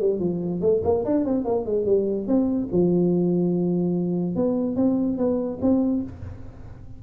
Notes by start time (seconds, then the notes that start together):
0.00 G3
0.20 F3
0.61 A3
0.84 A#3
1.05 D4
1.25 C4
1.45 A#3
1.66 G#3
1.86 G3
2.27 C4
2.72 F3
4.35 B3
4.76 C4
5.17 B3
5.62 C4